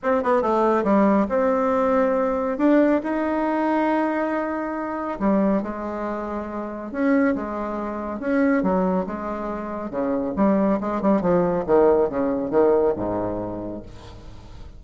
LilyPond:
\new Staff \with { instrumentName = "bassoon" } { \time 4/4 \tempo 4 = 139 c'8 b8 a4 g4 c'4~ | c'2 d'4 dis'4~ | dis'1 | g4 gis2. |
cis'4 gis2 cis'4 | fis4 gis2 cis4 | g4 gis8 g8 f4 dis4 | cis4 dis4 gis,2 | }